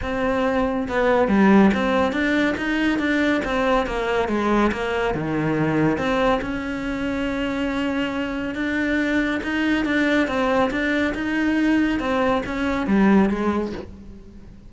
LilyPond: \new Staff \with { instrumentName = "cello" } { \time 4/4 \tempo 4 = 140 c'2 b4 g4 | c'4 d'4 dis'4 d'4 | c'4 ais4 gis4 ais4 | dis2 c'4 cis'4~ |
cis'1 | d'2 dis'4 d'4 | c'4 d'4 dis'2 | c'4 cis'4 g4 gis4 | }